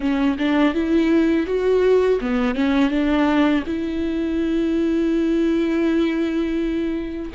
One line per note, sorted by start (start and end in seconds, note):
0.00 0.37 C#4
0.38 0.74 D4
0.74 1.46 E4
1.46 2.19 F#4
2.21 2.54 B3
2.54 2.90 C#4
2.90 3.63 D4
3.66 7.32 E4